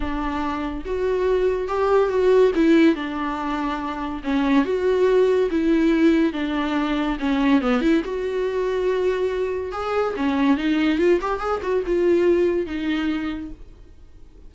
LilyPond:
\new Staff \with { instrumentName = "viola" } { \time 4/4 \tempo 4 = 142 d'2 fis'2 | g'4 fis'4 e'4 d'4~ | d'2 cis'4 fis'4~ | fis'4 e'2 d'4~ |
d'4 cis'4 b8 e'8 fis'4~ | fis'2. gis'4 | cis'4 dis'4 f'8 g'8 gis'8 fis'8 | f'2 dis'2 | }